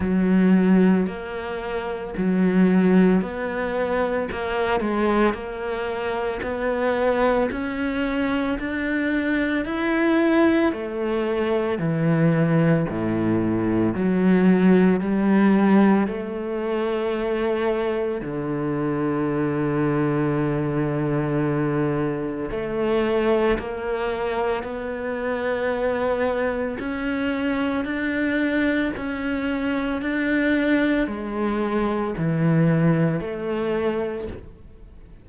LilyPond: \new Staff \with { instrumentName = "cello" } { \time 4/4 \tempo 4 = 56 fis4 ais4 fis4 b4 | ais8 gis8 ais4 b4 cis'4 | d'4 e'4 a4 e4 | a,4 fis4 g4 a4~ |
a4 d2.~ | d4 a4 ais4 b4~ | b4 cis'4 d'4 cis'4 | d'4 gis4 e4 a4 | }